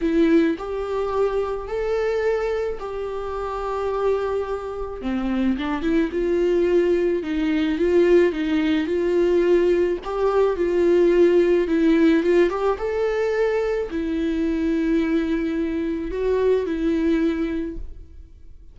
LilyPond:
\new Staff \with { instrumentName = "viola" } { \time 4/4 \tempo 4 = 108 e'4 g'2 a'4~ | a'4 g'2.~ | g'4 c'4 d'8 e'8 f'4~ | f'4 dis'4 f'4 dis'4 |
f'2 g'4 f'4~ | f'4 e'4 f'8 g'8 a'4~ | a'4 e'2.~ | e'4 fis'4 e'2 | }